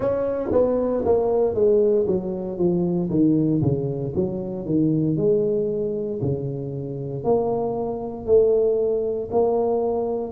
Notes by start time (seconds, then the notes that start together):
0.00 C#4
0.52 B3
1.05 A#3
1.54 G#3
2.07 F#3
2.58 F3
3.09 D#3
3.62 C#3
4.15 F#3
4.66 D#3
5.17 G#3
6.21 C#3
7.24 A#3
8.25 A3
9.31 A#3